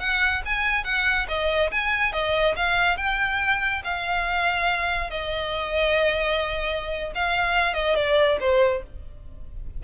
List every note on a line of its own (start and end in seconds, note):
0.00 0.43 F#5
0.45 0.85 G#5
0.85 1.27 F#5
1.28 1.71 D#5
1.72 2.13 G#5
2.13 2.56 D#5
2.56 2.97 F5
2.97 3.82 G5
3.84 5.10 F5
5.10 7.13 D#5
7.15 7.74 F5
7.74 7.96 D#5
7.96 8.38 D5
8.41 8.83 C5